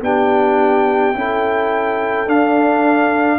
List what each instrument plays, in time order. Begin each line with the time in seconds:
0.00 tuba B3, trombone D4, horn G4, trumpet G5
1.14 tuba C#4, trombone E4, horn A4
2.27 trombone D4, tuba D4, trumpet F5